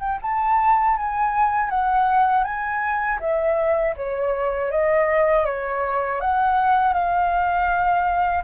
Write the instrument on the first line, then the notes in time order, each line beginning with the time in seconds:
flute
0.00 G5
0.22 A5
0.97 G#5
1.70 F#5
2.44 G#5
3.20 E5
3.96 C#5
4.71 D#5
5.45 C#5
6.21 F#5
6.93 F5